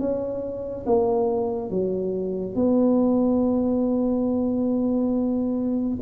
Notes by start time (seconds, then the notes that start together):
0.00 C#4
0.86 A#3
1.70 F#3
2.55 B3